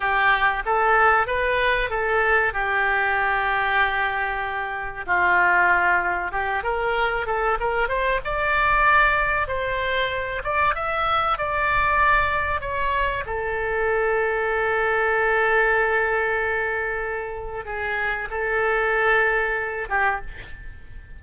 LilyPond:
\new Staff \with { instrumentName = "oboe" } { \time 4/4 \tempo 4 = 95 g'4 a'4 b'4 a'4 | g'1 | f'2 g'8 ais'4 a'8 | ais'8 c''8 d''2 c''4~ |
c''8 d''8 e''4 d''2 | cis''4 a'2.~ | a'1 | gis'4 a'2~ a'8 g'8 | }